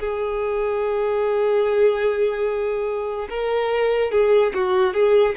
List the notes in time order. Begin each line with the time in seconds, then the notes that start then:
0.00 G#4
3.30 A#4
4.12 G#4
4.55 F#4
4.94 G#4